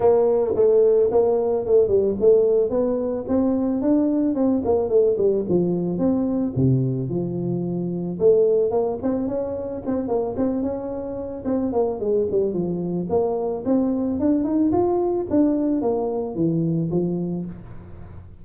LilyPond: \new Staff \with { instrumentName = "tuba" } { \time 4/4 \tempo 4 = 110 ais4 a4 ais4 a8 g8 | a4 b4 c'4 d'4 | c'8 ais8 a8 g8 f4 c'4 | c4 f2 a4 |
ais8 c'8 cis'4 c'8 ais8 c'8 cis'8~ | cis'4 c'8 ais8 gis8 g8 f4 | ais4 c'4 d'8 dis'8 f'4 | d'4 ais4 e4 f4 | }